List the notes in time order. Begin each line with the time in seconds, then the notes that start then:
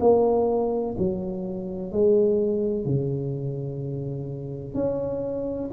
0.00 A#3
0.97 F#3
1.92 G#3
2.85 C#3
4.74 C#4